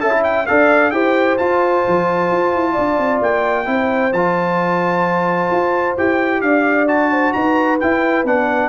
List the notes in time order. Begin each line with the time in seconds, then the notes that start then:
0.00 C#4 A4 E5 A5
0.11 E4
0.24 G5
0.47 D4 A4 D5 F5
0.91 E4 G4 C5 G5
1.38 F4 A5
1.88 F3
2.31 F4
2.54 E4
2.72 D4 D5
2.98 C4
3.21 A#3 G5
3.65 C4 E4 C5
4.13 F3 F4 A5
5.51 F4
5.98 E4 G4 G5
6.42 D4 D5 F5
6.87 F#4 A5
7.11 C5
7.33 D#4 B4 A#5
7.80 E4 G5
8.24 B3 D4 F#5